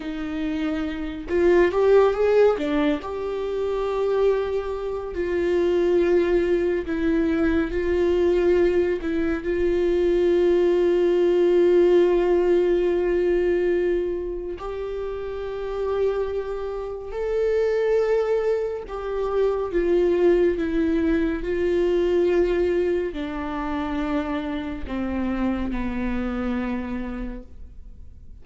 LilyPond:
\new Staff \with { instrumentName = "viola" } { \time 4/4 \tempo 4 = 70 dis'4. f'8 g'8 gis'8 d'8 g'8~ | g'2 f'2 | e'4 f'4. e'8 f'4~ | f'1~ |
f'4 g'2. | a'2 g'4 f'4 | e'4 f'2 d'4~ | d'4 c'4 b2 | }